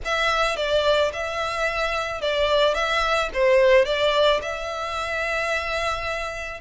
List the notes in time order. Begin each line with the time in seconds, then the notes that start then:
0.04 E5
0.56 D5
1.12 E5
2.21 D5
2.74 E5
3.33 C5
3.85 D5
4.42 E5